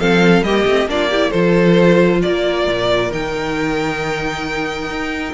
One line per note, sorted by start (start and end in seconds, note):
0.00 0.43 F3
0.00 0.45 C4
0.00 0.45 A4
0.00 0.43 F5
0.43 0.65 G3
0.43 0.67 A#3
0.43 0.90 G4
0.43 0.88 D#5
0.66 0.86 A3
0.66 0.88 C4
0.86 1.31 A#3
0.86 1.10 D4
0.86 1.10 F4
0.86 1.31 D5
1.10 1.34 E4
1.10 1.30 G4
1.30 2.24 F3
1.30 3.12 F4
1.30 2.20 A4
1.30 2.21 C5
2.22 2.68 A#3
2.22 5.34 A#4
2.22 3.12 D5
2.68 3.11 A#2
3.11 4.90 D#3
3.11 5.34 D#4
3.11 5.34 G5
4.90 5.34 D#4